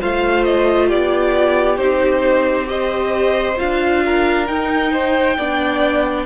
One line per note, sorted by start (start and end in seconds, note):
0.00 0.92 A3
0.00 1.78 F4
0.00 0.88 C5
0.00 0.45 F5
0.45 0.89 D#5
0.88 1.78 B3
0.88 2.67 G4
0.88 1.77 D5
1.77 3.57 C4
1.77 2.66 D#4
1.77 2.67 C5
2.66 3.55 G4
2.66 4.04 C5
2.66 3.58 D#5
3.57 4.49 D4
3.57 4.47 F4
3.57 4.47 F5
4.05 4.93 A#4
4.47 5.37 D#4
4.47 6.26 G5
4.93 5.37 C5
5.37 6.26 B3
5.37 6.26 D4
5.37 6.26 D5